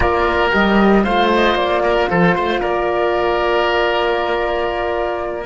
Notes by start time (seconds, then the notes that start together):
0.00 A#3 F4 A#4 D5
0.49 G3 G4 D#5
1.04 A3 F4 C5 F5
1.34 D#5
1.55 A#3 D5
1.83 A#4
2.10 F3 A4 C5
2.35 A3 C5
2.60 A#3 A#4 D5